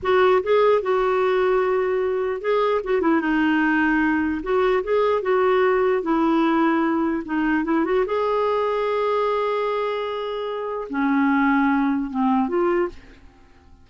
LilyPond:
\new Staff \with { instrumentName = "clarinet" } { \time 4/4 \tempo 4 = 149 fis'4 gis'4 fis'2~ | fis'2 gis'4 fis'8 e'8 | dis'2. fis'4 | gis'4 fis'2 e'4~ |
e'2 dis'4 e'8 fis'8 | gis'1~ | gis'2. cis'4~ | cis'2 c'4 f'4 | }